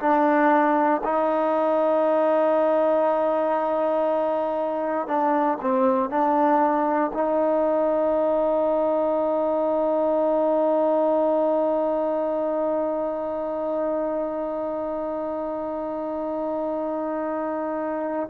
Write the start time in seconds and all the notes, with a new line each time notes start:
0.00 D4
1.04 D#4
5.08 D4
5.62 C4
6.10 D4
7.14 D#4